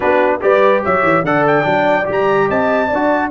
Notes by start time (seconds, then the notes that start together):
0.00 B3 D4 F#4 B4
0.41 G3 G4 B4 D5
0.83 F#3 C#5 E5
1.03 E3
1.23 D3 A4 D5 F#5
1.46 G5
1.62 F#3 D4
2.05 G3 G4
2.11 A#5
2.48 C4 D#5 A5
2.88 D4 D5
2.94 F#4